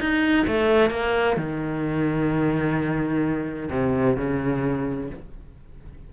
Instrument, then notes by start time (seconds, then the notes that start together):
cello
0.00 D#4
0.47 A3
0.90 A#3
1.37 D#3
3.70 C3
4.17 C#3